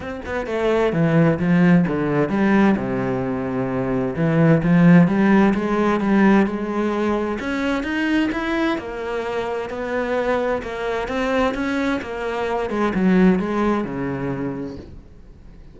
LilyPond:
\new Staff \with { instrumentName = "cello" } { \time 4/4 \tempo 4 = 130 c'8 b8 a4 e4 f4 | d4 g4 c2~ | c4 e4 f4 g4 | gis4 g4 gis2 |
cis'4 dis'4 e'4 ais4~ | ais4 b2 ais4 | c'4 cis'4 ais4. gis8 | fis4 gis4 cis2 | }